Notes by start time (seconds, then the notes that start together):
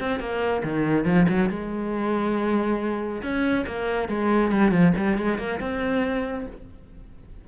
0.00 C4
0.20 A#3
0.64 D#3
1.05 F3
1.29 F#3
1.50 G#3
3.23 C#4
3.67 A#3
4.09 G#3
4.51 G3
4.71 F3
4.97 G3
5.18 G#3
5.38 A#3
5.61 C4